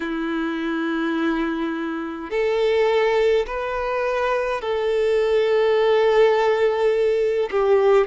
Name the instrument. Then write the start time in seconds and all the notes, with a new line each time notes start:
violin
0.00 E4
2.30 A4
3.46 B4
4.61 A4
7.50 G4